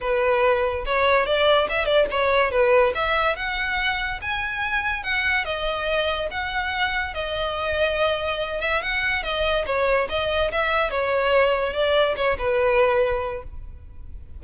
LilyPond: \new Staff \with { instrumentName = "violin" } { \time 4/4 \tempo 4 = 143 b'2 cis''4 d''4 | e''8 d''8 cis''4 b'4 e''4 | fis''2 gis''2 | fis''4 dis''2 fis''4~ |
fis''4 dis''2.~ | dis''8 e''8 fis''4 dis''4 cis''4 | dis''4 e''4 cis''2 | d''4 cis''8 b'2~ b'8 | }